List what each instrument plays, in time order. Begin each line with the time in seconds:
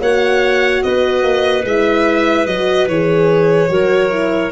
0.00 tuba A#3, horn F#4, clarinet C#5, violin F#5
0.83 tuba B3, clarinet B4, violin D#5
1.23 tuba A#3
1.64 tuba G#3, horn E4, violin E5
2.47 tuba F#3, horn F#4, violin D#5
2.88 tuba E3, horn G#4, violin C#5
3.69 tuba F#3, horn F#4, clarinet A#4
4.10 horn E4